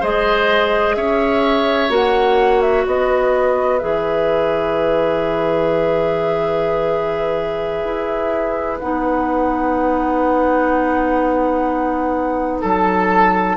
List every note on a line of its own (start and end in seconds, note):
0.00 0.96 G#3
0.00 1.89 G#4
0.00 0.95 C5
0.00 0.95 D#5
0.95 1.89 C#4
0.95 2.84 C#5
0.95 1.90 E5
1.89 2.84 A#3
1.89 3.79 F#4
1.89 2.61 F#5
2.61 2.85 E5
2.84 3.82 B3
2.84 12.60 B4
2.84 3.78 D#5
3.78 7.84 E3
3.78 8.80 G#4
3.78 8.78 E5
7.84 8.79 E4
8.79 12.62 B3
8.79 13.57 D#4
8.79 12.60 F#5
12.61 13.57 F#3
12.61 13.56 A4
12.61 13.57 A5